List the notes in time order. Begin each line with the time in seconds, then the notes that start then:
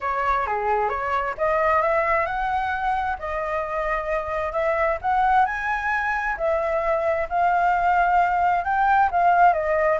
0.01 C#5
0.46 G#4
0.89 C#5
1.37 D#5
1.82 E5
2.26 F#5
3.19 D#5
4.52 E5
5.01 F#5
5.45 G#5
6.37 E5
7.29 F5
8.64 G5
9.11 F5
9.53 D#5